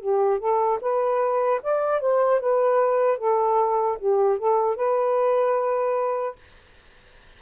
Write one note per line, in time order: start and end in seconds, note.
0.00 0.39 G4
0.39 0.79 A4
0.81 1.61 B4
1.62 2.01 D5
2.01 2.40 C5
2.40 3.17 B4
3.17 3.97 A4
3.99 4.38 G4
4.38 4.76 A4
4.76 6.36 B4